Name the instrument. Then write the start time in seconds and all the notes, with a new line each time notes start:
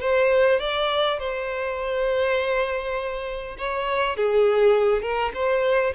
violin
0.00 C5
0.59 D5
1.19 C5
3.58 C#5
4.16 G#4
5.02 A#4
5.34 C5